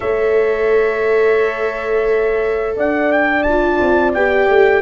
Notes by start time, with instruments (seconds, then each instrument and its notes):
0.00 tuba A3, viola A4, horn C#5, trumpet E5
2.76 tuba D4, horn D5, trumpet F#5
3.12 trumpet G5
3.43 trumpet A5
3.49 viola F4
3.80 tuba C4
4.14 tuba B3, viola G4, trumpet G5
4.48 tuba A3